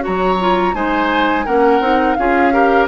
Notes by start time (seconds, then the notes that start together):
0.00 F#4 C#5 A#5
0.07 F#3
0.40 F4
0.74 G#3 D#4 C5 G#5
1.45 A#3 C#4 A#4 F#5
1.80 C4 D#4
2.15 C#4 F4 G#4 F5
2.52 G4 A#4